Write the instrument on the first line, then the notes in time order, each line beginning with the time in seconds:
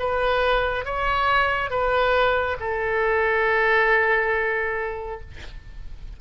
oboe
0.00 B4
0.85 C#5
1.71 B4
2.60 A4